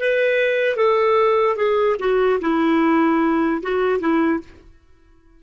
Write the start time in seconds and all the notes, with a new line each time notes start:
0.00 B4
0.77 A4
1.57 G#4
2.00 F#4
2.41 E4
3.63 F#4
4.00 E4